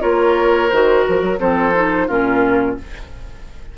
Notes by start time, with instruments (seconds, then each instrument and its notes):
0.00 bassoon A#3, clarinet F4, oboe A#4, flute C#5
0.69 bassoon D#3, clarinet F#4, flute C5
1.04 bassoon F3, flute A#4
1.22 bassoon F#3
1.38 bassoon F3, clarinet C4, oboe A4, flute C5
1.75 clarinet D#4
2.07 bassoon A#2, clarinet C#4, oboe F4, flute A#4